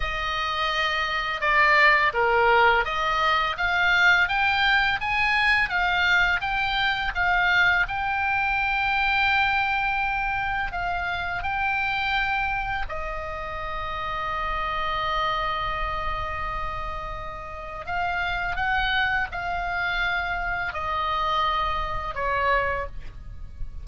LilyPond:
\new Staff \with { instrumentName = "oboe" } { \time 4/4 \tempo 4 = 84 dis''2 d''4 ais'4 | dis''4 f''4 g''4 gis''4 | f''4 g''4 f''4 g''4~ | g''2. f''4 |
g''2 dis''2~ | dis''1~ | dis''4 f''4 fis''4 f''4~ | f''4 dis''2 cis''4 | }